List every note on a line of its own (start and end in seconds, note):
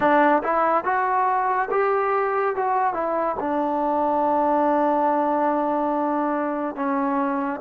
0.00 0.42 D4
0.43 0.84 E4
0.84 1.68 F#4
1.71 2.55 G4
2.55 2.93 F#4
2.93 3.36 E4
3.39 6.75 D4
6.75 7.60 C#4